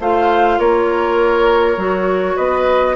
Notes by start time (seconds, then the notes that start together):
0.00 A3 F4 C5 F5
0.59 A#3 A#4 C#5
1.77 F#3 F#4
2.36 B3 B4 D#5